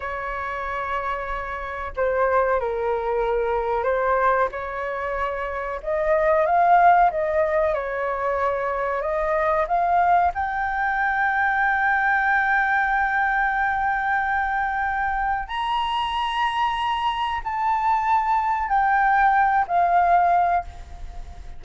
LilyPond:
\new Staff \with { instrumentName = "flute" } { \time 4/4 \tempo 4 = 93 cis''2. c''4 | ais'2 c''4 cis''4~ | cis''4 dis''4 f''4 dis''4 | cis''2 dis''4 f''4 |
g''1~ | g''1 | ais''2. a''4~ | a''4 g''4. f''4. | }